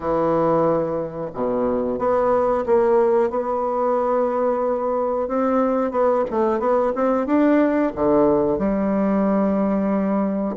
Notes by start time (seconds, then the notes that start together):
0.00 E3
1.34 B2
1.98 B3
2.66 A#3
3.30 B3
5.28 C4
5.91 B3
6.30 A3
6.59 B3
6.95 C4
7.26 D4
7.95 D3
8.58 G3